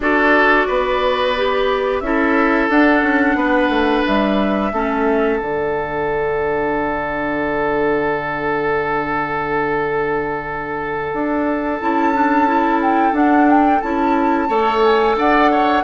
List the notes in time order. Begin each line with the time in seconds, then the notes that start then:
0.00 D4 F#4 A4 D5
0.67 B3 B4
1.37 G4
2.00 C#4 E4 A4 E5
2.69 D4 F#5
3.02 C#4
3.35 B3 B4
3.69 A3
4.06 G3 E5
4.72 A3 C#4 A4
5.38 D3 D4 F#5
11.13 D4
11.80 C#4 E4 A5
12.13 D4
12.47 E4
12.81 G5
13.12 D4 F#5
13.49 G5
13.81 C#4 E4 A5
14.48 A3 A4 C#5
14.83 G#5
15.15 D4 D5 F#5
15.51 C#5